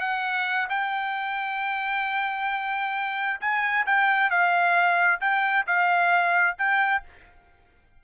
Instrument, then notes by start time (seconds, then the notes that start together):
trumpet
0.00 F#5
0.69 G5
3.41 G#5
3.86 G5
4.30 F5
5.20 G5
5.66 F5
6.58 G5